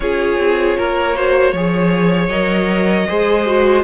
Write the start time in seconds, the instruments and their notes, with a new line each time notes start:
0.00 cello C#4, viola F4, violin G#4 C#5
0.38 cello C4
0.77 cello A#3, violin A#4
1.15 viola F#4, violin C5
1.52 cello F3, viola G#4, violin C#5
2.29 cello F#3, viola A#4, violin D#5
3.07 cello G#3, viola G#4, violin C5
3.45 viola F#4